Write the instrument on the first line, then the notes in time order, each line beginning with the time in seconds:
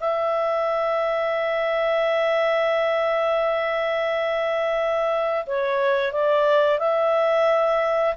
clarinet
0.00 E5
5.46 C#5
6.12 D5
6.79 E5